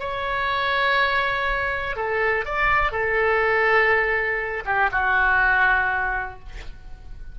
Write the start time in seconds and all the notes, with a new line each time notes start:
0.00 C#5
1.96 A4
2.45 D5
2.92 A4
4.66 G4
4.92 F#4